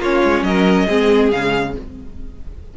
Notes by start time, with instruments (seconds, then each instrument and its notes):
0.00 cello A#3, viola C#4, violin F4 C#5
0.24 cello G#3
0.43 cello F#3, violin A#4 D#5
0.87 cello G#3, viola C4, violin G#4
1.31 cello C#3, viola G#3, violin F5